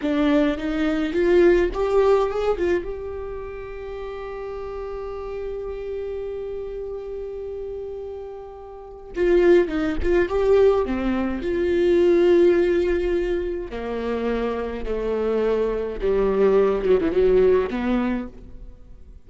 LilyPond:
\new Staff \with { instrumentName = "viola" } { \time 4/4 \tempo 4 = 105 d'4 dis'4 f'4 g'4 | gis'8 f'8 g'2.~ | g'1~ | g'1 |
f'4 dis'8 f'8 g'4 c'4 | f'1 | ais2 a2 | g4. fis16 e16 fis4 b4 | }